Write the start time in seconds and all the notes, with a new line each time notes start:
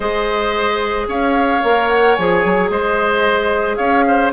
0.00 G#3 G#4 C5 D#5
1.08 C#4 C#5 F5
1.63 A#3 A#4
1.88 F#5
2.15 F3 G#4 G#5
2.44 F#3
2.69 G#3 C5 D#5
3.76 C#4 C#5 F5
4.07 C5